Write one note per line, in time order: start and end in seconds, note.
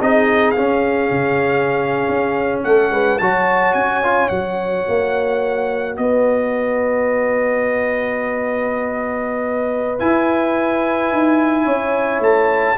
0.00 0.56 C4
0.00 0.56 D#4
0.00 2.65 G#4
0.00 0.50 D#5
0.50 3.20 C#4
0.50 2.59 F5
0.56 1.10 C#4
1.10 2.07 C#3
2.08 2.64 C#4
2.63 2.90 A3
2.63 2.92 A4
2.63 3.18 F#5
2.90 3.18 G#3
2.90 3.19 B4
3.18 3.74 F#3
3.18 4.03 F#4
3.18 5.99 C#5
3.18 3.73 A5
3.73 4.29 C#4
3.73 4.28 G#5
4.03 4.30 F4
4.28 4.85 F#3
4.28 9.98 F#4
4.28 5.95 F#5
4.88 5.97 A#3
5.97 10.00 B3
5.97 11.64 B4
5.97 9.99 D#5
9.98 12.76 E4
9.98 11.12 E4
9.98 12.21 G#5
11.12 11.66 D#4
11.64 12.20 C#4
11.64 12.75 C#5
12.20 12.75 A3
12.20 12.77 A5